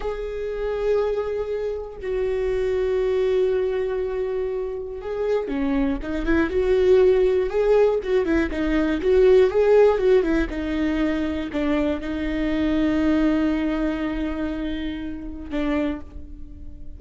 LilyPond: \new Staff \with { instrumentName = "viola" } { \time 4/4 \tempo 4 = 120 gis'1 | fis'1~ | fis'2 gis'4 cis'4 | dis'8 e'8 fis'2 gis'4 |
fis'8 e'8 dis'4 fis'4 gis'4 | fis'8 e'8 dis'2 d'4 | dis'1~ | dis'2. d'4 | }